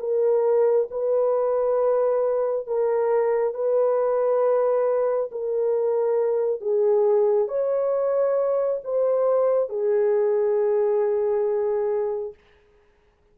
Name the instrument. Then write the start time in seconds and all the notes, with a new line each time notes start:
horn
0.00 A#4
0.91 B4
2.67 A#4
3.54 B4
5.32 A#4
6.61 G#4
7.48 C#5
8.84 C5
9.69 G#4